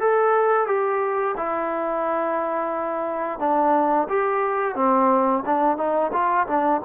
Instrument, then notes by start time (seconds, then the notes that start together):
trombone
0.00 A4
0.67 G4
1.37 E4
3.39 D4
4.08 G4
4.75 C4
5.45 D4
5.77 D#4
6.13 F4
6.47 D4